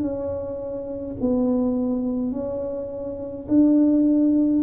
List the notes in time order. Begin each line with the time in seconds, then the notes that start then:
0.00 C#4
1.20 B3
2.31 C#4
3.48 D4